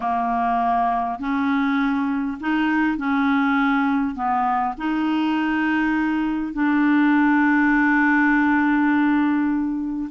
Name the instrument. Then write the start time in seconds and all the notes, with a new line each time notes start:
clarinet
0.00 A#3
1.19 C#4
2.40 D#4
2.97 C#4
4.14 B3
4.77 D#4
6.53 D4